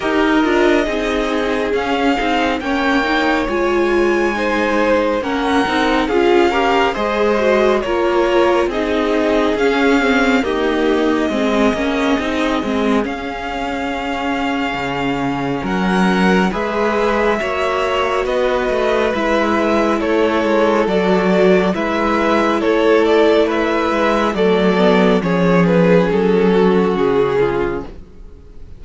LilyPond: <<
  \new Staff \with { instrumentName = "violin" } { \time 4/4 \tempo 4 = 69 dis''2 f''4 g''4 | gis''2 fis''4 f''4 | dis''4 cis''4 dis''4 f''4 | dis''2. f''4~ |
f''2 fis''4 e''4~ | e''4 dis''4 e''4 cis''4 | d''4 e''4 cis''8 d''8 e''4 | d''4 cis''8 b'8 a'4 gis'4 | }
  \new Staff \with { instrumentName = "violin" } { \time 4/4 ais'4 gis'2 cis''4~ | cis''4 c''4 ais'4 gis'8 ais'8 | c''4 ais'4 gis'2 | g'4 gis'2.~ |
gis'2 ais'4 b'4 | cis''4 b'2 a'4~ | a'4 b'4 a'4 b'4 | a'4 gis'4. fis'4 f'8 | }
  \new Staff \with { instrumentName = "viola" } { \time 4/4 g'8 f'8 dis'4 cis'8 dis'8 cis'8 dis'8 | f'4 dis'4 cis'8 dis'8 f'8 g'8 | gis'8 fis'8 f'4 dis'4 cis'8 c'8 | ais4 c'8 cis'8 dis'8 c'8 cis'4~ |
cis'2. gis'4 | fis'2 e'2 | fis'4 e'2. | a8 b8 cis'2. | }
  \new Staff \with { instrumentName = "cello" } { \time 4/4 dis'8 d'8 c'4 cis'8 c'8 ais4 | gis2 ais8 c'8 cis'4 | gis4 ais4 c'4 cis'4 | dis'4 gis8 ais8 c'8 gis8 cis'4~ |
cis'4 cis4 fis4 gis4 | ais4 b8 a8 gis4 a8 gis8 | fis4 gis4 a4. gis8 | fis4 f4 fis4 cis4 | }
>>